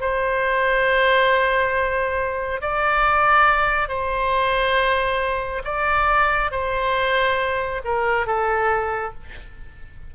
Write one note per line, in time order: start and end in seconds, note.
0.00 2.61 C5
2.61 3.88 D5
3.88 5.62 C5
5.64 6.51 D5
6.51 7.81 C5
7.84 8.26 A#4
8.26 9.13 A4